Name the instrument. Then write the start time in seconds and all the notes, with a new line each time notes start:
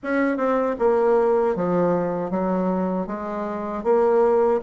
bassoon
0.03 C#4
0.37 C4
0.78 A#3
1.55 F3
2.30 F#3
3.07 G#3
3.83 A#3